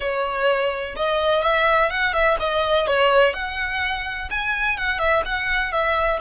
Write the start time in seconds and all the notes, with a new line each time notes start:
0.00 C#5
0.96 D#5
1.43 E5
1.90 F#5
2.13 E5
2.39 D#5
2.87 C#5
3.33 F#5
4.30 G#5
4.77 F#5
4.98 E5
5.25 F#5
5.71 E5